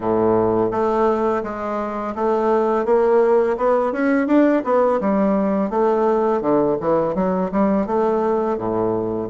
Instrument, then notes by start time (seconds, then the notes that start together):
bassoon
0.00 A2
0.71 A3
1.43 G#3
2.15 A3
2.85 A#3
3.57 B3
3.92 C#4
4.27 D4
4.64 B3
5.00 G3
5.69 A3
6.41 D3
6.80 E3
7.15 F#3
7.51 G3
7.86 A3
8.57 A2